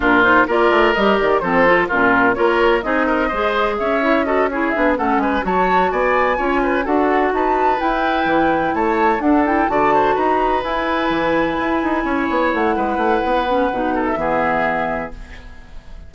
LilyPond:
<<
  \new Staff \with { instrumentName = "flute" } { \time 4/4 \tempo 4 = 127 ais'8 c''8 d''4 dis''8 d''8 c''4 | ais'4 cis''4 dis''2 | e''4 dis''8 cis''8 e''8 fis''8 gis''8 a''8~ | a''8 gis''2 fis''4 a''8~ |
a''8 g''2 a''4 fis''8 | g''8 a''4 ais''4 gis''4.~ | gis''2~ gis''8 fis''4.~ | fis''4.~ fis''16 e''2~ e''16 | }
  \new Staff \with { instrumentName = "oboe" } { \time 4/4 f'4 ais'2 a'4 | f'4 ais'4 gis'8 ais'8 c''4 | cis''4 a'8 gis'4 a'8 b'8 cis''8~ | cis''8 d''4 cis''8 b'8 a'4 b'8~ |
b'2~ b'8 cis''4 a'8~ | a'8 d''8 c''8 b'2~ b'8~ | b'4. cis''4. b'4~ | b'4. a'8 gis'2 | }
  \new Staff \with { instrumentName = "clarinet" } { \time 4/4 d'8 dis'8 f'4 g'4 c'8 f'8 | cis'4 f'4 dis'4 gis'4~ | gis'8 e'8 fis'8 e'8 d'8 cis'4 fis'8~ | fis'4. f'4 fis'4.~ |
fis'8 e'2. d'8 | e'8 fis'2 e'4.~ | e'1~ | e'8 cis'8 dis'4 b2 | }
  \new Staff \with { instrumentName = "bassoon" } { \time 4/4 ais,4 ais8 a8 g8 dis8 f4 | ais,4 ais4 c'4 gis4 | cis'2 b8 a8 gis8 fis8~ | fis8 b4 cis'4 d'4 dis'8~ |
dis'8 e'4 e4 a4 d'8~ | d'8 d4 dis'4 e'4 e8~ | e8 e'8 dis'8 cis'8 b8 a8 gis8 a8 | b4 b,4 e2 | }
>>